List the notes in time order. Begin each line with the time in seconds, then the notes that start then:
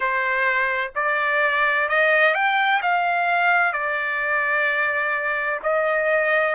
0.00 C5
0.95 D5
1.88 D#5
2.34 G5
2.82 F5
3.72 D5
5.62 D#5